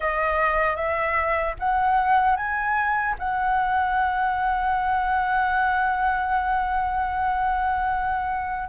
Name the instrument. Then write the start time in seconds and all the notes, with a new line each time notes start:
flute
0.00 D#5
0.75 E5
1.59 F#5
2.36 G#5
3.19 F#5